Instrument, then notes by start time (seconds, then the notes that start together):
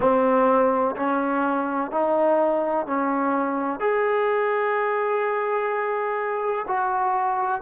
trombone
0.00 C4
0.96 C#4
1.91 D#4
2.86 C#4
3.80 G#4
6.67 F#4